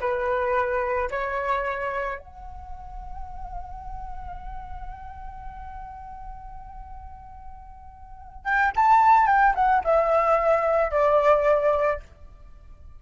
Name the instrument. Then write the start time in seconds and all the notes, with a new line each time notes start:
flute
0.00 B4
1.11 C#5
2.19 F#5
8.45 G5
8.76 A5
9.27 G5
9.55 F#5
9.84 E5
10.91 D5